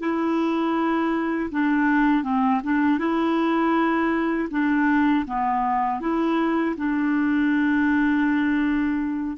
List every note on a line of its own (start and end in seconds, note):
0.00 1.50 E4
1.52 2.24 D4
2.24 2.61 C4
2.64 2.99 D4
2.99 4.49 E4
4.51 5.26 D4
5.26 6.01 B3
6.01 6.76 E4
6.77 9.38 D4